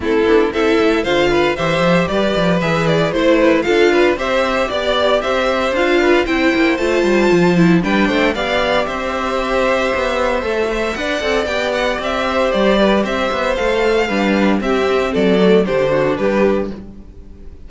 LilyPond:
<<
  \new Staff \with { instrumentName = "violin" } { \time 4/4 \tempo 4 = 115 a'4 e''4 f''4 e''4 | d''4 e''8 d''8 c''4 f''4 | e''4 d''4 e''4 f''4 | g''4 a''2 g''4 |
f''4 e''2.~ | e''4 fis''4 g''8 fis''8 e''4 | d''4 e''4 f''2 | e''4 d''4 c''4 b'4 | }
  \new Staff \with { instrumentName = "violin" } { \time 4/4 e'4 a'4 c''8 b'8 c''4 | b'2 c''8 b'8 a'8 b'8 | c''4 d''4 c''4. b'8 | c''2. b'8 c''8 |
d''4 c''2.~ | c''8 e''8 d''2~ d''8 c''8~ | c''8 b'8 c''2 b'4 | g'4 a'4 g'8 fis'8 g'4 | }
  \new Staff \with { instrumentName = "viola" } { \time 4/4 c'8 d'8 e'4 f'4 g'4~ | g'4 gis'4 e'4 f'4 | g'2. f'4 | e'4 f'4. e'8 d'4 |
g'1 | a'8 c''8 b'8 a'8 g'2~ | g'2 a'4 d'4 | c'4. a8 d'2 | }
  \new Staff \with { instrumentName = "cello" } { \time 4/4 a8 b8 c'8 a8 d4 e8 f8 | g8 f8 e4 a4 d'4 | c'4 b4 c'4 d'4 | c'8 ais8 a8 g8 f4 g8 a8 |
b4 c'2 b4 | a4 d'8 c'8 b4 c'4 | g4 c'8 b8 a4 g4 | c'4 fis4 d4 g4 | }
>>